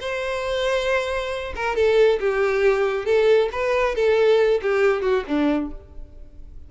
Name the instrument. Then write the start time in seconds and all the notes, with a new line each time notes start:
violin
0.00 C5
1.55 A#4
1.75 A4
2.20 G4
3.05 A4
3.52 B4
3.95 A4
4.62 G4
5.02 F#4
5.27 D4